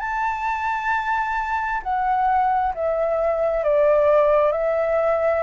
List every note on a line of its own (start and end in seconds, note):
0.00 1.82 A5
1.83 2.74 F#5
2.74 3.64 E5
3.64 4.52 D5
4.52 5.43 E5